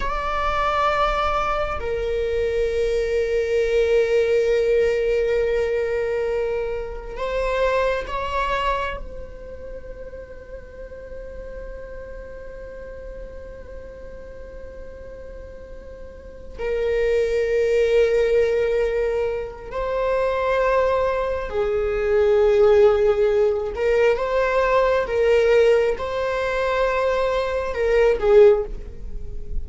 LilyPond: \new Staff \with { instrumentName = "viola" } { \time 4/4 \tempo 4 = 67 d''2 ais'2~ | ais'1 | c''4 cis''4 c''2~ | c''1~ |
c''2~ c''8 ais'4.~ | ais'2 c''2 | gis'2~ gis'8 ais'8 c''4 | ais'4 c''2 ais'8 gis'8 | }